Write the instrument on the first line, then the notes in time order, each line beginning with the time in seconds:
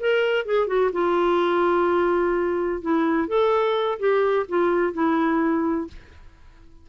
clarinet
0.00 A#4
0.46 G#4
0.67 F#4
0.93 F4
2.82 E4
3.28 A4
3.99 G4
4.49 F4
4.93 E4